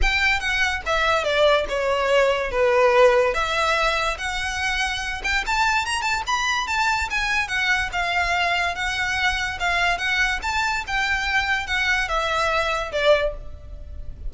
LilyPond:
\new Staff \with { instrumentName = "violin" } { \time 4/4 \tempo 4 = 144 g''4 fis''4 e''4 d''4 | cis''2 b'2 | e''2 fis''2~ | fis''8 g''8 a''4 ais''8 a''8 b''4 |
a''4 gis''4 fis''4 f''4~ | f''4 fis''2 f''4 | fis''4 a''4 g''2 | fis''4 e''2 d''4 | }